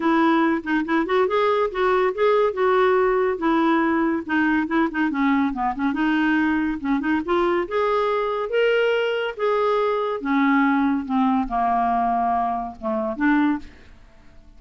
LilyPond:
\new Staff \with { instrumentName = "clarinet" } { \time 4/4 \tempo 4 = 141 e'4. dis'8 e'8 fis'8 gis'4 | fis'4 gis'4 fis'2 | e'2 dis'4 e'8 dis'8 | cis'4 b8 cis'8 dis'2 |
cis'8 dis'8 f'4 gis'2 | ais'2 gis'2 | cis'2 c'4 ais4~ | ais2 a4 d'4 | }